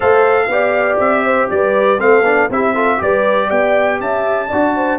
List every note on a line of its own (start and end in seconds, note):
0.00 0.48 A3
0.00 0.48 A4
0.00 0.48 C5
0.00 0.98 F5
0.48 0.98 B3
0.48 1.98 G4
0.48 1.24 D5
0.99 1.49 C4
0.99 1.49 E5
1.24 1.49 C5
1.50 1.99 G3
1.50 2.01 B4
1.50 2.00 D5
1.98 2.21 A3
1.98 2.23 C4
1.98 2.51 A4
1.98 2.50 F5
2.21 2.46 B3
2.21 2.49 D4
2.50 3.00 C4
2.50 2.74 E4
2.50 2.74 G4
2.50 3.02 E5
2.74 2.98 F4
2.74 2.99 A4
2.98 3.50 G3
2.98 4.47 G4
2.98 3.47 B4
2.98 3.50 D5
3.47 4.00 B3
3.47 3.97 D5
3.47 4.00 G5
4.00 4.50 C#4
4.00 4.48 E5
4.00 4.98 A5
4.48 4.98 D4
4.48 4.98 F#4
4.48 4.73 D5
4.75 4.98 C5